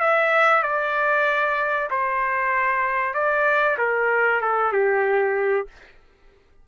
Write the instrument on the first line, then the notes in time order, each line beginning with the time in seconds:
trumpet
0.00 E5
0.63 D5
1.90 C5
3.14 D5
3.78 A#4
4.41 A4
4.73 G4